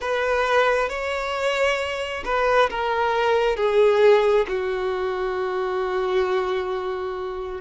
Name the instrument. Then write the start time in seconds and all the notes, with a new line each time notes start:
violin
0.00 B4
0.89 C#5
2.24 B4
2.69 A#4
3.56 G#4
4.48 F#4